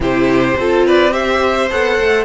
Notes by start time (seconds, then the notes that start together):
0.00 C3 E4 G4 C5
0.56 C4 F4 A4
0.86 B4 D5
1.11 G4 C5 E5
1.69 B3 A4 F#5
2.00 A3